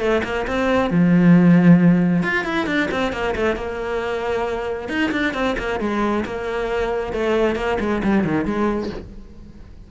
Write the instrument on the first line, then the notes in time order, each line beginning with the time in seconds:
cello
0.00 A3
0.24 A#3
0.47 C4
0.91 F3
2.23 F4
2.44 E4
2.66 D4
2.91 C4
3.13 A#3
3.36 A3
3.56 A#3
4.89 D#4
5.12 D4
5.34 C4
5.58 A#3
5.80 G#3
6.25 A#3
7.13 A3
7.56 A#3
7.80 G#3
8.04 G3
8.24 D#3
8.45 G#3